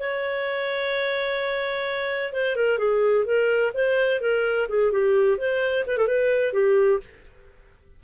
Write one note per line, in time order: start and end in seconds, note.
0.00 2.33 C#5
2.33 2.57 C5
2.57 2.79 A#4
2.79 3.25 G#4
3.25 3.72 A#4
3.74 4.21 C5
4.21 4.68 A#4
4.69 4.92 G#4
4.92 5.38 G4
5.38 5.85 C5
5.87 5.98 B4
5.98 6.07 A4
6.07 6.53 B4
6.53 7.00 G4